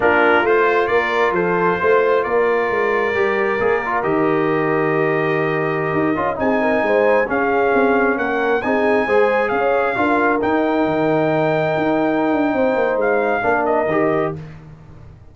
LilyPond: <<
  \new Staff \with { instrumentName = "trumpet" } { \time 4/4 \tempo 4 = 134 ais'4 c''4 d''4 c''4~ | c''4 d''2.~ | d''4 dis''2.~ | dis''2~ dis''16 gis''4.~ gis''16~ |
gis''16 f''2 fis''4 gis''8.~ | gis''4~ gis''16 f''2 g''8.~ | g''1~ | g''4 f''4. dis''4. | }
  \new Staff \with { instrumentName = "horn" } { \time 4/4 f'2 ais'4 a'4 | c''4 ais'2.~ | ais'1~ | ais'2~ ais'16 gis'8 ais'8 c''8.~ |
c''16 gis'2 ais'4 gis'8.~ | gis'16 c''4 cis''4 ais'4.~ ais'16~ | ais'1 | c''2 ais'2 | }
  \new Staff \with { instrumentName = "trombone" } { \time 4/4 d'4 f'2.~ | f'2. g'4 | gis'8 f'8 g'2.~ | g'4.~ g'16 f'8 dis'4.~ dis'16~ |
dis'16 cis'2. dis'8.~ | dis'16 gis'2 f'4 dis'8.~ | dis'1~ | dis'2 d'4 g'4 | }
  \new Staff \with { instrumentName = "tuba" } { \time 4/4 ais4 a4 ais4 f4 | a4 ais4 gis4 g4 | ais4 dis2.~ | dis4~ dis16 dis'8 cis'8 c'4 gis8.~ |
gis16 cis'4 c'4 ais4 c'8.~ | c'16 gis4 cis'4 d'4 dis'8.~ | dis'16 dis2 dis'4~ dis'16 d'8 | c'8 ais8 gis4 ais4 dis4 | }
>>